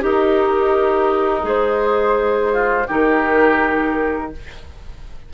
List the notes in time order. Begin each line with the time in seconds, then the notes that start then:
0.00 D#4 G4 A#4
1.42 G#3 G#4 C5
2.53 F4
2.87 D#3 D#4 G4 A#4